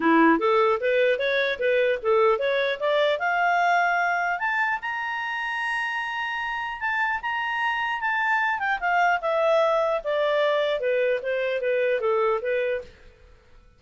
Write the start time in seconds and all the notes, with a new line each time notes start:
0.00 E4
0.39 A4
0.80 B4
1.19 C#5
1.59 B4
2.02 A4
2.38 C#5
2.79 D5
3.19 F5
4.39 A5
4.81 A#5
6.80 A5
7.21 A#5
8.00 A5
8.59 G5
8.79 F5
9.21 E5
10.04 D5
10.79 B4
11.22 C5
11.60 B4
12.00 A4
12.41 B4